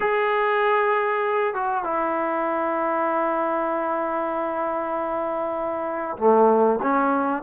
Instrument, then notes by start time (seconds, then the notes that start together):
trombone
0.00 G#4
1.54 F#4
1.84 E4
6.17 A3
6.82 C#4